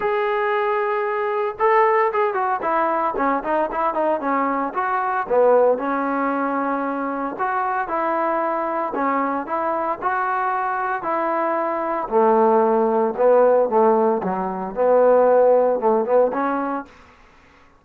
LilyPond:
\new Staff \with { instrumentName = "trombone" } { \time 4/4 \tempo 4 = 114 gis'2. a'4 | gis'8 fis'8 e'4 cis'8 dis'8 e'8 dis'8 | cis'4 fis'4 b4 cis'4~ | cis'2 fis'4 e'4~ |
e'4 cis'4 e'4 fis'4~ | fis'4 e'2 a4~ | a4 b4 a4 fis4 | b2 a8 b8 cis'4 | }